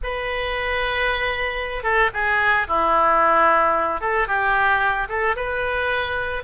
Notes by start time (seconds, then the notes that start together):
0.03 B4
1.83 A4
2.13 G#4
2.67 E4
4.00 A4
4.27 G4
5.09 A4
5.36 B4